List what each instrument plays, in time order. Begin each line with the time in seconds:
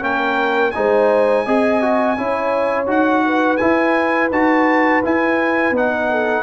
0.00 tuba A#3, trombone C#4, horn A#4, trumpet G5
0.71 tuba G#3, trombone D#4, horn C5, trumpet G#5
1.45 tuba C4, trombone G#4, horn D#5
1.81 trombone F#4
2.17 tuba C#4, trombone E4, horn C#5
2.86 tuba D#4, trombone F#4, trumpet F#5
3.26 horn B4
3.57 trombone E4, tuba E4, trumpet G#5
4.31 tuba D#4, trombone F#4, trumpet A5
5.03 trombone E4, tuba E4, trumpet G#5
5.71 tuba B3, trombone D#4, trumpet F#5
6.09 horn A4